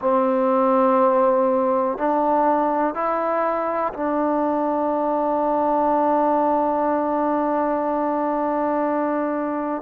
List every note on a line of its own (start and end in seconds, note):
0.01 1.98 C4
1.98 2.94 D4
2.94 3.93 E4
3.93 9.82 D4